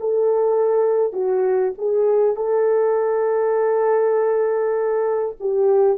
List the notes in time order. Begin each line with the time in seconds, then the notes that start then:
0.00 A4
1.13 F#4
1.78 G#4
2.36 A4
5.41 G4